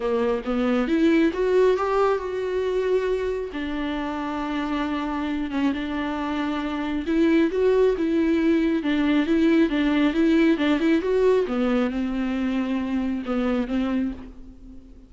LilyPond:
\new Staff \with { instrumentName = "viola" } { \time 4/4 \tempo 4 = 136 ais4 b4 e'4 fis'4 | g'4 fis'2. | d'1~ | d'8 cis'8 d'2. |
e'4 fis'4 e'2 | d'4 e'4 d'4 e'4 | d'8 e'8 fis'4 b4 c'4~ | c'2 b4 c'4 | }